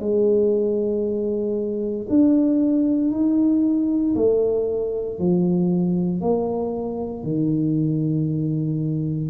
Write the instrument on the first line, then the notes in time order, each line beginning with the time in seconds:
tuba
0.00 G#3
2.09 D4
3.11 D#4
4.15 A3
5.19 F3
6.21 A#3
7.23 D#3